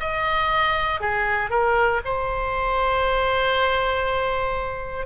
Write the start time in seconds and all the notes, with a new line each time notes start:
0.00 D#5
1.01 G#4
1.50 A#4
2.05 C5